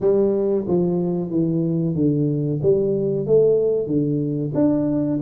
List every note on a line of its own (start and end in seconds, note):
0.00 0.66 G3
0.67 1.30 F3
1.30 1.95 E3
1.95 2.60 D3
2.62 3.26 G3
3.26 3.87 A3
3.87 4.52 D3
4.54 5.19 D4